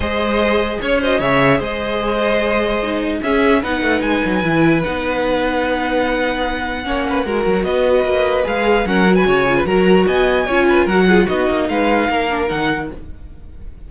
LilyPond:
<<
  \new Staff \with { instrumentName = "violin" } { \time 4/4 \tempo 4 = 149 dis''2 cis''8 dis''8 e''4 | dis''1 | e''4 fis''4 gis''2 | fis''1~ |
fis''2. dis''4~ | dis''4 f''4 fis''8. gis''4~ gis''16 | ais''4 gis''2 fis''4 | dis''4 f''2 fis''4 | }
  \new Staff \with { instrumentName = "violin" } { \time 4/4 c''2 cis''8 c''8 cis''4 | c''1 | gis'4 b'2.~ | b'1~ |
b'4 cis''8 b'8 ais'4 b'4~ | b'2 ais'8. b'16 cis''8. b'16 | ais'4 dis''4 cis''8 b'8 ais'8 gis'8 | fis'4 b'4 ais'2 | }
  \new Staff \with { instrumentName = "viola" } { \time 4/4 gis'2~ gis'8 fis'8 gis'4~ | gis'2. dis'4 | cis'4 dis'2 e'4 | dis'1~ |
dis'4 cis'4 fis'2~ | fis'4 gis'4 cis'8 fis'4 f'8 | fis'2 f'4 fis'8 f'8 | dis'2~ dis'8 d'8 dis'4 | }
  \new Staff \with { instrumentName = "cello" } { \time 4/4 gis2 cis'4 cis4 | gis1 | cis'4 b8 a8 gis8 fis8 e4 | b1~ |
b4 ais4 gis8 fis8 b4 | ais4 gis4 fis4 cis4 | fis4 b4 cis'4 fis4 | b8 ais8 gis4 ais4 dis4 | }
>>